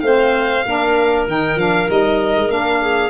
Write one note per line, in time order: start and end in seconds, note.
0.00 0.64 A3
0.00 0.65 C4
0.00 0.65 C5
0.00 1.24 F5
0.66 1.27 A#3
0.66 1.27 D4
0.66 2.81 A#4
1.27 1.56 D#3
1.27 1.58 D#4
1.27 1.59 G5
1.56 1.87 F3
1.56 1.87 D4
1.56 1.90 F5
1.87 2.36 G3
1.87 2.48 D#4
1.87 2.51 D#5
2.36 2.49 G#3
2.48 3.10 A#3
2.48 3.10 D4
2.48 3.10 F5
2.81 3.10 G#4